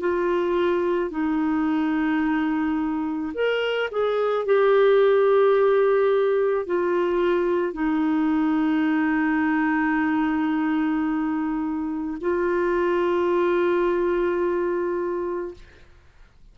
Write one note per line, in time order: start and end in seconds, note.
0.00 1.11 F4
1.11 3.33 D#4
3.34 3.89 A#4
3.91 4.46 G#4
4.46 6.66 G4
6.66 7.73 F4
7.73 12.18 D#4
12.21 15.54 F4